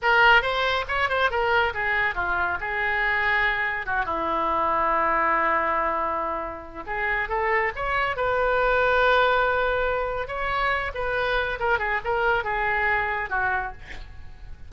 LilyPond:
\new Staff \with { instrumentName = "oboe" } { \time 4/4 \tempo 4 = 140 ais'4 c''4 cis''8 c''8 ais'4 | gis'4 f'4 gis'2~ | gis'4 fis'8 e'2~ e'8~ | e'1 |
gis'4 a'4 cis''4 b'4~ | b'1 | cis''4. b'4. ais'8 gis'8 | ais'4 gis'2 fis'4 | }